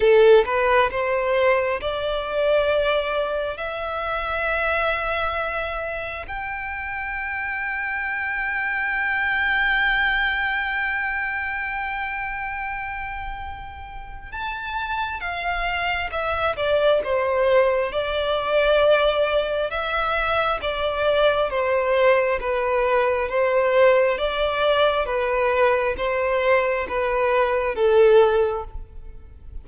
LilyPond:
\new Staff \with { instrumentName = "violin" } { \time 4/4 \tempo 4 = 67 a'8 b'8 c''4 d''2 | e''2. g''4~ | g''1~ | g''1 |
a''4 f''4 e''8 d''8 c''4 | d''2 e''4 d''4 | c''4 b'4 c''4 d''4 | b'4 c''4 b'4 a'4 | }